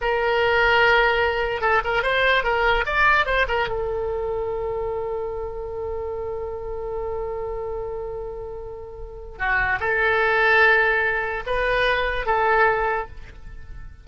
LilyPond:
\new Staff \with { instrumentName = "oboe" } { \time 4/4 \tempo 4 = 147 ais'1 | a'8 ais'8 c''4 ais'4 d''4 | c''8 ais'8 a'2.~ | a'1~ |
a'1~ | a'2. fis'4 | a'1 | b'2 a'2 | }